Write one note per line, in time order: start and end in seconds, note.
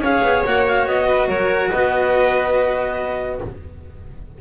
0.00 0.21 C#4
0.00 0.46 G#4
0.00 1.07 C#5
0.00 0.45 F5
0.22 0.43 B3
0.45 0.86 A#3
0.45 3.40 F#4
0.45 0.66 F#5
0.67 0.87 F5
0.86 1.28 B3
0.86 1.28 D#5
1.07 1.28 B4
1.28 1.70 F#3
1.28 1.70 A#4
1.28 1.71 C#5
1.70 3.41 B3
1.70 3.38 B4
1.70 3.39 D#5